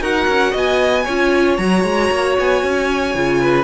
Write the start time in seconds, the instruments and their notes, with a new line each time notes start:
0.00 cello D#4, viola F#4, violin A#4 F#5
0.27 cello C#4
0.51 cello B3, violin D#5 G#5
1.05 cello C#4, viola F4, violin C#5
1.57 cello F#3, viola F#4, violin A#5
1.84 cello G#3
2.11 cello A#3
2.39 cello B3, violin G#5
2.63 cello C#4
3.15 cello C#3, viola F4
3.41 violin B4